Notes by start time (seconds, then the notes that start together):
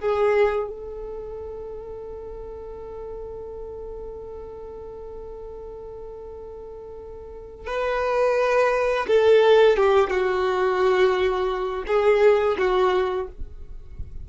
0.00 G#4
0.69 A4
7.67 B4
9.08 A4
9.77 G4
10.10 F#4
11.87 G#4
12.58 F#4